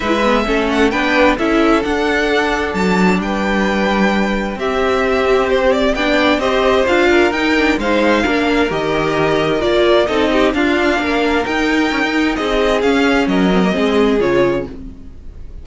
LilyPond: <<
  \new Staff \with { instrumentName = "violin" } { \time 4/4 \tempo 4 = 131 e''4. fis''8 g''4 e''4 | fis''2 a''4 g''4~ | g''2 e''2 | c''8 d''8 g''4 dis''4 f''4 |
g''4 f''2 dis''4~ | dis''4 d''4 dis''4 f''4~ | f''4 g''2 dis''4 | f''4 dis''2 cis''4 | }
  \new Staff \with { instrumentName = "violin" } { \time 4/4 b'4 a'4 b'4 a'4~ | a'2. b'4~ | b'2 g'2~ | g'4 d''4 c''4. ais'8~ |
ais'4 c''4 ais'2~ | ais'2 a'8 g'8 f'4 | ais'2. gis'4~ | gis'4 ais'4 gis'2 | }
  \new Staff \with { instrumentName = "viola" } { \time 4/4 e'8 b8 cis'4 d'4 e'4 | d'1~ | d'2 c'2~ | c'4 d'4 g'4 f'4 |
dis'8 d'8 dis'4 d'4 g'4~ | g'4 f'4 dis'4 d'4~ | d'4 dis'2. | cis'4. c'16 ais16 c'4 f'4 | }
  \new Staff \with { instrumentName = "cello" } { \time 4/4 gis4 a4 b4 cis'4 | d'2 fis4 g4~ | g2 c'2~ | c'4 b4 c'4 d'4 |
dis'4 gis4 ais4 dis4~ | dis4 ais4 c'4 d'4 | ais4 dis'4 cis'16 dis'8. c'4 | cis'4 fis4 gis4 cis4 | }
>>